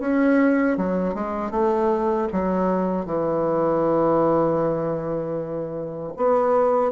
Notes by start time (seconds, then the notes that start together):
0.00 C#4
0.77 F#3
1.14 G#3
1.51 A3
2.33 F#3
3.06 E3
6.17 B3